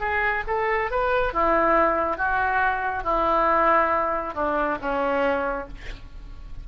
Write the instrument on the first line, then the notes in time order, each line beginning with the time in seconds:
oboe
0.00 G#4
0.47 A4
0.91 B4
1.34 E4
2.17 F#4
3.04 E4
4.35 D4
4.81 C#4